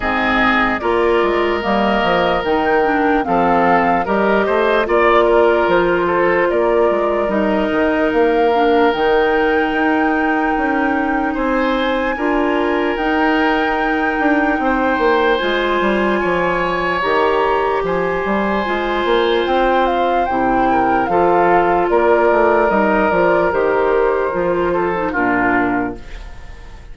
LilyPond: <<
  \new Staff \with { instrumentName = "flute" } { \time 4/4 \tempo 4 = 74 dis''4 d''4 dis''4 g''4 | f''4 dis''4 d''4 c''4 | d''4 dis''4 f''4 g''4~ | g''2 gis''2 |
g''2. gis''4~ | gis''4 ais''4 gis''2 | g''8 f''8 g''4 f''4 d''4 | dis''8 d''8 c''2 ais'4 | }
  \new Staff \with { instrumentName = "oboe" } { \time 4/4 gis'4 ais'2. | a'4 ais'8 c''8 d''8 ais'4 a'8 | ais'1~ | ais'2 c''4 ais'4~ |
ais'2 c''2 | cis''2 c''2~ | c''4. ais'8 a'4 ais'4~ | ais'2~ ais'8 a'8 f'4 | }
  \new Staff \with { instrumentName = "clarinet" } { \time 4/4 c'4 f'4 ais4 dis'8 d'8 | c'4 g'4 f'2~ | f'4 dis'4. d'8 dis'4~ | dis'2. f'4 |
dis'2. f'4~ | f'4 g'2 f'4~ | f'4 e'4 f'2 | dis'8 f'8 g'4 f'8. dis'16 d'4 | }
  \new Staff \with { instrumentName = "bassoon" } { \time 4/4 gis,4 ais8 gis8 g8 f8 dis4 | f4 g8 a8 ais4 f4 | ais8 gis8 g8 dis8 ais4 dis4 | dis'4 cis'4 c'4 d'4 |
dis'4. d'8 c'8 ais8 gis8 g8 | f4 dis4 f8 g8 gis8 ais8 | c'4 c4 f4 ais8 a8 | g8 f8 dis4 f4 ais,4 | }
>>